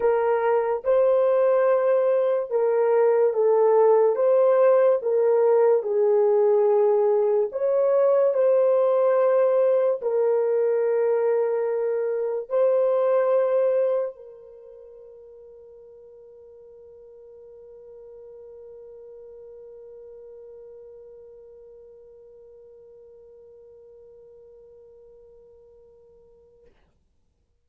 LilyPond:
\new Staff \with { instrumentName = "horn" } { \time 4/4 \tempo 4 = 72 ais'4 c''2 ais'4 | a'4 c''4 ais'4 gis'4~ | gis'4 cis''4 c''2 | ais'2. c''4~ |
c''4 ais'2.~ | ais'1~ | ais'1~ | ais'1 | }